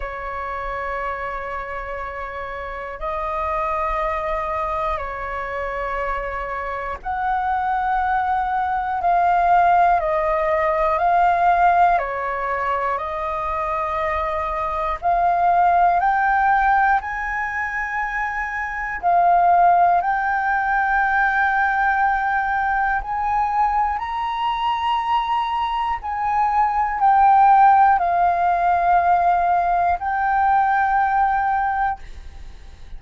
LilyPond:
\new Staff \with { instrumentName = "flute" } { \time 4/4 \tempo 4 = 60 cis''2. dis''4~ | dis''4 cis''2 fis''4~ | fis''4 f''4 dis''4 f''4 | cis''4 dis''2 f''4 |
g''4 gis''2 f''4 | g''2. gis''4 | ais''2 gis''4 g''4 | f''2 g''2 | }